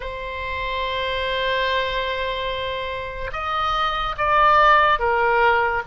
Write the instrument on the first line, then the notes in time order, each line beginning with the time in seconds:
oboe
0.00 C5
3.32 D#5
4.17 D5
4.98 A#4